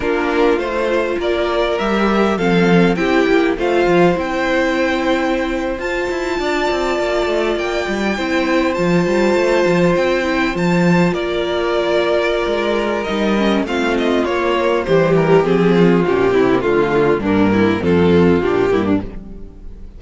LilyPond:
<<
  \new Staff \with { instrumentName = "violin" } { \time 4/4 \tempo 4 = 101 ais'4 c''4 d''4 e''4 | f''4 g''4 f''4 g''4~ | g''4.~ g''16 a''2~ a''16~ | a''8. g''2 a''4~ a''16~ |
a''8. g''4 a''4 d''4~ d''16~ | d''2 dis''4 f''8 dis''8 | cis''4 c''8 ais'8 gis'4 g'4 | f'4 ais'4 a'4 g'4 | }
  \new Staff \with { instrumentName = "violin" } { \time 4/4 f'2 ais'2 | a'4 g'4 c''2~ | c''2~ c''8. d''4~ d''16~ | d''4.~ d''16 c''2~ c''16~ |
c''2~ c''8. ais'4~ ais'16~ | ais'2. f'4~ | f'4 g'4. f'4 e'8 | f'4 d'8 e'8 f'4. e'16 d'16 | }
  \new Staff \with { instrumentName = "viola" } { \time 4/4 d'4 f'2 g'4 | c'4 e'4 f'4 e'4~ | e'4.~ e'16 f'2~ f'16~ | f'4.~ f'16 e'4 f'4~ f'16~ |
f'4~ f'16 e'8 f'2~ f'16~ | f'2 dis'8 cis'8 c'4 | ais4 g4 c'4 cis'8 c'16 ais16 | a4 ais4 c'4 d'8 ais8 | }
  \new Staff \with { instrumentName = "cello" } { \time 4/4 ais4 a4 ais4 g4 | f4 c'8 ais8 a8 f8 c'4~ | c'4.~ c'16 f'8 e'8 d'8 c'8 ais16~ | ais16 a8 ais8 g8 c'4 f8 g8 a16~ |
a16 f8 c'4 f4 ais4~ ais16~ | ais4 gis4 g4 a4 | ais4 e4 f4 ais,8 c8 | d4 g,4 f,4 ais,8 g,8 | }
>>